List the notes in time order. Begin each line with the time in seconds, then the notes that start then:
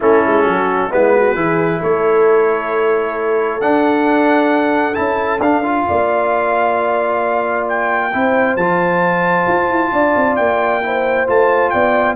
0.00 A3 C#4 E4 A4
0.26 G#3
0.44 F#3 F#4
0.90 G#3 B3 E4 B4
1.13 F#4
1.34 E3 E4 G#4
1.80 A3 A4 C#5
3.61 D4 F#5
4.93 C#4 E4 A5
5.39 D4 F5
5.63 F4
5.88 A#3 D5
7.68 G5
8.13 C4 E4 C5
8.55 F3 F4 A5
9.47 F4
9.68 E4
9.92 D4 D5
10.16 C4
10.36 A#3 G5
10.82 E4 C5
11.26 A3 F4 A5
11.69 B3 D5 G5